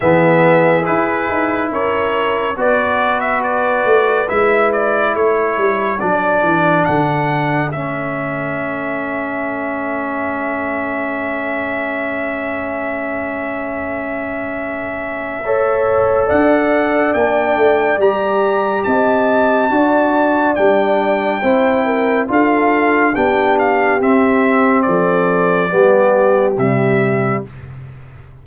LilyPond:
<<
  \new Staff \with { instrumentName = "trumpet" } { \time 4/4 \tempo 4 = 70 e''4 b'4 cis''4 d''8. e''16 | d''4 e''8 d''8 cis''4 d''4 | fis''4 e''2.~ | e''1~ |
e''2. fis''4 | g''4 ais''4 a''2 | g''2 f''4 g''8 f''8 | e''4 d''2 e''4 | }
  \new Staff \with { instrumentName = "horn" } { \time 4/4 gis'2 ais'4 b'4~ | b'2 a'2~ | a'1~ | a'1~ |
a'2 cis''4 d''4~ | d''2 dis''4 d''4~ | d''4 c''8 ais'8 a'4 g'4~ | g'4 a'4 g'2 | }
  \new Staff \with { instrumentName = "trombone" } { \time 4/4 b4 e'2 fis'4~ | fis'4 e'2 d'4~ | d'4 cis'2.~ | cis'1~ |
cis'2 a'2 | d'4 g'2 fis'4 | d'4 e'4 f'4 d'4 | c'2 b4 g4 | }
  \new Staff \with { instrumentName = "tuba" } { \time 4/4 e4 e'8 dis'8 cis'4 b4~ | b8 a8 gis4 a8 g8 fis8 e8 | d4 a2.~ | a1~ |
a2. d'4 | ais8 a8 g4 c'4 d'4 | g4 c'4 d'4 b4 | c'4 f4 g4 c4 | }
>>